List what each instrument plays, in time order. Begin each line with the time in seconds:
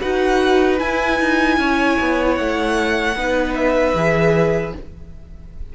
0.00 cello D#4, viola F#4, violin B4 F#5
0.78 viola E4, cello E4, violin G#5
1.19 cello D#4
1.58 cello C#4, violin C#5
2.00 cello B3
2.35 cello A3, violin F#5
3.15 cello B3, viola D#4, violin B4
3.55 violin E5
3.93 cello E3, viola G#4